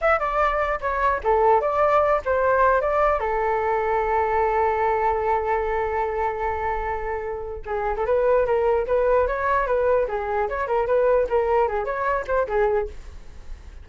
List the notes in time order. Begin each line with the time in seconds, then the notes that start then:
0.01 E5
0.19 D5
0.80 C#5
1.23 A4
1.60 D5
2.25 C5
2.81 D5
3.19 A4
7.65 G#4
7.96 A4
8.06 B4
8.46 A#4
8.86 B4
9.27 C#5
9.66 B4
10.08 G#4
10.48 C#5
10.67 A#4
10.86 B4
11.29 A#4
11.68 G#4
11.84 C#5
12.27 C5
12.47 G#4